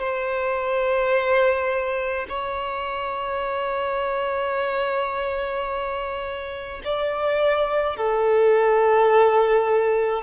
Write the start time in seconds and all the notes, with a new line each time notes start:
0.00 C5
2.29 C#5
6.85 D5
7.97 A4